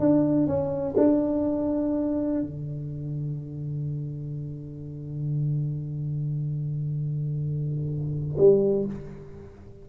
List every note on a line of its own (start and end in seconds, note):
0.00 0.47 D4
0.47 0.95 C#4
0.98 2.42 D4
2.42 8.38 D3
8.38 8.86 G3